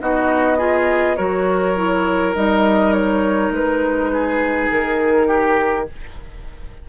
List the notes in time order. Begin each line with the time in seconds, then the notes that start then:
0.00 B3 D#4 F#4 D#5
0.58 F4 G#4
1.16 F#3 F#4 A#4 C#5
1.75 E4
2.34 G3 D#4 D#5
2.92 C#5
3.50 G#3 B4
4.13 G#4
4.71 D#3 A#4
5.27 G4